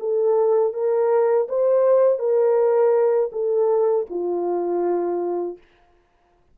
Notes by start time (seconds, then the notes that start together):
0.00 A4
0.74 A#4
1.49 C5
2.19 A#4
3.32 A4
4.10 F4